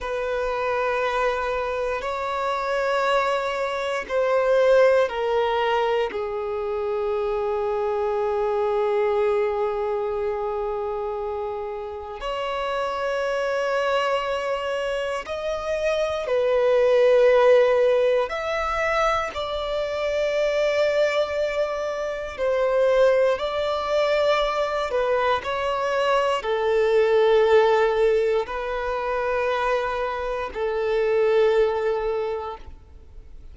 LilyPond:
\new Staff \with { instrumentName = "violin" } { \time 4/4 \tempo 4 = 59 b'2 cis''2 | c''4 ais'4 gis'2~ | gis'1 | cis''2. dis''4 |
b'2 e''4 d''4~ | d''2 c''4 d''4~ | d''8 b'8 cis''4 a'2 | b'2 a'2 | }